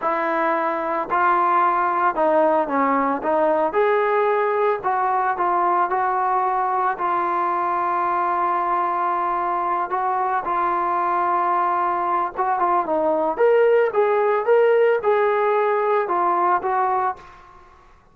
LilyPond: \new Staff \with { instrumentName = "trombone" } { \time 4/4 \tempo 4 = 112 e'2 f'2 | dis'4 cis'4 dis'4 gis'4~ | gis'4 fis'4 f'4 fis'4~ | fis'4 f'2.~ |
f'2~ f'8 fis'4 f'8~ | f'2. fis'8 f'8 | dis'4 ais'4 gis'4 ais'4 | gis'2 f'4 fis'4 | }